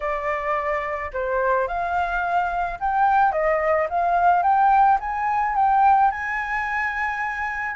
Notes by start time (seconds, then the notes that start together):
0.00 D5
1.13 C5
1.67 F5
2.80 G5
3.32 D#5
3.89 F5
4.42 G5
5.00 G#5
5.55 G5
6.11 G#5